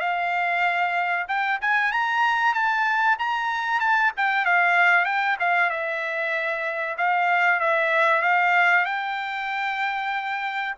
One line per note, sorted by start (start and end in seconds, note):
0.00 1.26 F5
1.28 1.60 G5
1.61 1.92 G#5
1.92 2.54 A#5
2.54 3.17 A5
3.19 3.80 A#5
3.80 4.12 A5
4.17 4.46 G5
4.46 5.05 F5
5.05 5.37 G5
5.40 5.70 F5
5.70 6.96 E5
6.98 7.60 F5
7.60 8.22 E5
8.22 8.85 F5
8.85 10.75 G5